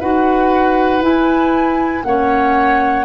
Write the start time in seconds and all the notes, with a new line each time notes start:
0.00 D#4 F#4 B4 F#5
1.01 E4 G#5
2.04 A#3 C#4 C#5 F#5